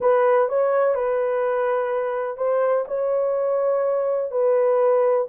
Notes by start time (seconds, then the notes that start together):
0.00 B4
0.48 C#5
0.94 B4
2.37 C5
2.87 C#5
4.31 B4